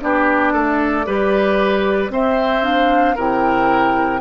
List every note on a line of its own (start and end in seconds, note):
0.00 0.54 B3
0.00 1.05 D4
0.00 0.53 G4
0.00 2.12 D5
0.53 1.06 A3
0.53 1.05 A4
1.06 2.10 G3
1.06 2.10 G4
1.06 2.12 B4
2.10 2.62 C4
2.10 3.16 C4
2.10 3.15 C5
2.10 2.64 E5
2.62 3.15 D4
2.62 3.17 F5
3.15 4.21 C3
3.15 4.21 E4
3.15 4.20 A#4
3.15 4.21 G5